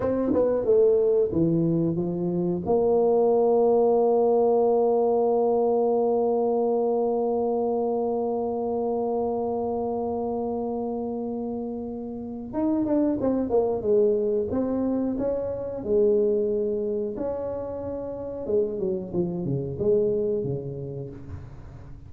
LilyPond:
\new Staff \with { instrumentName = "tuba" } { \time 4/4 \tempo 4 = 91 c'8 b8 a4 e4 f4 | ais1~ | ais1~ | ais1~ |
ais2. dis'8 d'8 | c'8 ais8 gis4 c'4 cis'4 | gis2 cis'2 | gis8 fis8 f8 cis8 gis4 cis4 | }